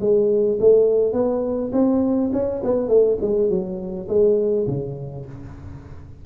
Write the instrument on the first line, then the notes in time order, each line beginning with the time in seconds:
tuba
0.00 G#3
0.60 A3
1.13 B3
1.72 C4
2.33 C#4
2.63 B3
2.88 A3
3.21 G#3
3.49 F#3
4.08 G#3
4.67 C#3